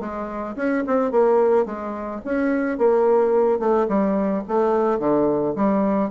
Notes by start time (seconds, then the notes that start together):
0.00 G#3
0.56 C#4
0.87 C4
1.11 A#3
1.66 G#3
2.24 C#4
2.78 A#3
3.59 A3
3.88 G3
4.48 A3
4.99 D3
5.56 G3